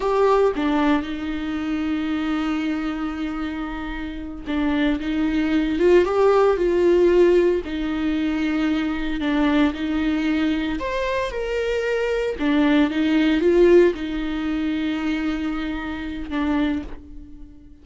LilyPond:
\new Staff \with { instrumentName = "viola" } { \time 4/4 \tempo 4 = 114 g'4 d'4 dis'2~ | dis'1~ | dis'8 d'4 dis'4. f'8 g'8~ | g'8 f'2 dis'4.~ |
dis'4. d'4 dis'4.~ | dis'8 c''4 ais'2 d'8~ | d'8 dis'4 f'4 dis'4.~ | dis'2. d'4 | }